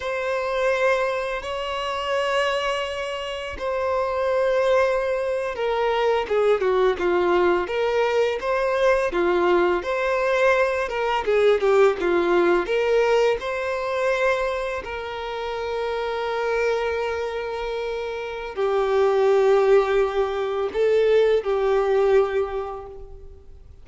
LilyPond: \new Staff \with { instrumentName = "violin" } { \time 4/4 \tempo 4 = 84 c''2 cis''2~ | cis''4 c''2~ c''8. ais'16~ | ais'8. gis'8 fis'8 f'4 ais'4 c''16~ | c''8. f'4 c''4. ais'8 gis'16~ |
gis'16 g'8 f'4 ais'4 c''4~ c''16~ | c''8. ais'2.~ ais'16~ | ais'2 g'2~ | g'4 a'4 g'2 | }